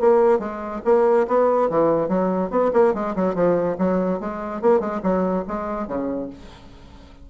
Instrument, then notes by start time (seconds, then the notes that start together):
bassoon
0.00 A#3
0.39 G#3
0.85 A#3
1.28 B3
1.70 E3
2.08 F#3
2.50 B3
2.73 A#3
2.94 G#3
3.16 F#3
3.35 F3
3.78 F#3
4.20 G#3
4.62 A#3
4.80 G#3
5.03 F#3
5.48 G#3
5.87 C#3